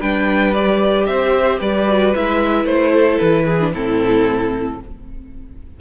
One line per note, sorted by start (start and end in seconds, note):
0.00 1.08 G3
0.00 0.54 D4
0.00 1.06 B4
0.00 0.53 G5
0.53 1.88 G4
0.53 1.06 D5
1.06 1.61 C4
1.06 1.59 C5
1.06 1.59 E5
1.59 2.14 G3
1.59 2.92 B4
1.59 2.14 D5
1.88 2.14 F#4
2.14 2.65 G#3
2.14 3.60 E4
2.14 2.66 E5
2.65 3.18 A3
2.65 3.18 C5
2.92 3.45 A4
3.18 3.74 E3
3.18 3.71 B4
3.45 3.71 G#4
3.60 3.74 D4
3.74 4.80 A2
3.74 4.80 C4
3.74 4.80 E4
3.74 4.80 A4